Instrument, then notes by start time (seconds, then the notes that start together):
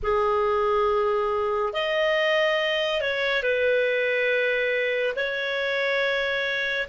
clarinet
0.02 G#4
1.73 D#5
3.01 C#5
3.42 B4
5.15 C#5